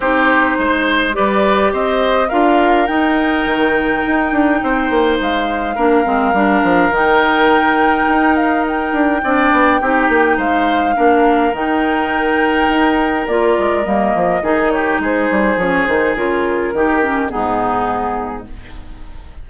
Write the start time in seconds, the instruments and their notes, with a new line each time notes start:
0.00 bassoon C4, clarinet D#4, oboe G4, flute C5
0.58 bassoon G#3, oboe C5
1.12 bassoon G3, clarinet G4, oboe B4, flute D5
1.72 bassoon C4, oboe C5, flute D#5
2.28 bassoon D4, clarinet F4, oboe A#4, flute F5
2.86 clarinet D#4, bassoon D#4, flute G5
3.45 bassoon D#3
4.07 bassoon D#4
4.32 bassoon D4
4.62 bassoon C4, oboe C5
4.89 bassoon A#3
5.20 bassoon G#3, flute F5
5.75 bassoon A#3, clarinet D4, oboe A#4
6.04 bassoon G#3, clarinet C4
6.33 bassoon G3, clarinet D4
6.63 bassoon F3
6.90 bassoon D#3, clarinet D#4, flute G5
8.08 bassoon D#4
8.36 flute F5
8.67 flute G5
8.92 bassoon D4
9.23 bassoon C4, clarinet D4, oboe D5
9.52 bassoon B3
9.80 bassoon C4, clarinet D#4, oboe G4
10.09 bassoon A#3
10.37 bassoon G#3, oboe C5, flute F5
10.94 bassoon A#3, clarinet D4, oboe A#4
11.52 bassoon D#3, clarinet D#4, flute G5
12.69 bassoon D#4
13.27 bassoon A#3, clarinet F4, flute D5
13.58 bassoon G#3
13.83 bassoon G3, clarinet A#3, flute D#5
14.15 bassoon F3
14.41 bassoon D#3, clarinet D#4, oboe G#4
14.71 oboe G4, flute C#5
14.99 bassoon G#3, oboe G#4, flute C5
15.31 bassoon G3
15.56 bassoon F3, clarinet C#4, flute C#5
15.86 bassoon D#3, clarinet D#4, flute C5
16.15 bassoon C#3, clarinet F4, flute A#4
16.73 bassoon D#3, clarinet D#4, oboe G4
17.01 clarinet C#4
17.28 bassoon G#2, clarinet B3, oboe D#4, flute G#4